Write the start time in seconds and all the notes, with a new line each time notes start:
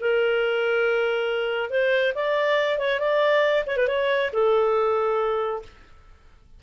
0.00 A#4
1.70 C5
2.15 D5
2.78 C#5
2.99 D5
3.66 C#5
3.76 B4
3.88 C#5
4.33 A4